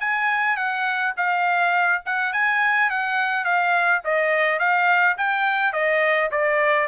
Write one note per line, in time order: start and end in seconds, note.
0.00 0.57 G#5
0.57 1.14 F#5
1.17 2.03 F5
2.06 2.33 F#5
2.33 2.90 G#5
2.90 3.45 F#5
3.45 4.02 F5
4.04 4.59 D#5
4.59 5.17 F5
5.18 5.73 G5
5.73 6.30 D#5
6.31 6.88 D5